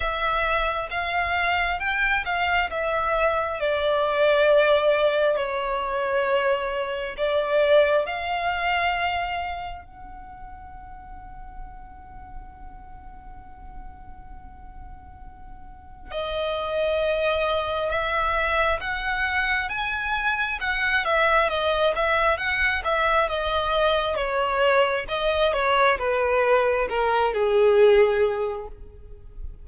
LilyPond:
\new Staff \with { instrumentName = "violin" } { \time 4/4 \tempo 4 = 67 e''4 f''4 g''8 f''8 e''4 | d''2 cis''2 | d''4 f''2 fis''4~ | fis''1~ |
fis''2 dis''2 | e''4 fis''4 gis''4 fis''8 e''8 | dis''8 e''8 fis''8 e''8 dis''4 cis''4 | dis''8 cis''8 b'4 ais'8 gis'4. | }